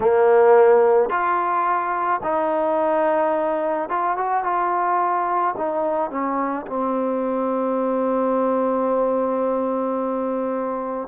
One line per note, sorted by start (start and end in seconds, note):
0.00 1.09 A#3
1.09 2.20 F4
2.23 3.89 D#4
3.89 4.16 F4
4.16 4.43 F#4
4.43 5.55 F4
5.57 6.10 D#4
6.10 6.66 C#4
6.66 11.08 C4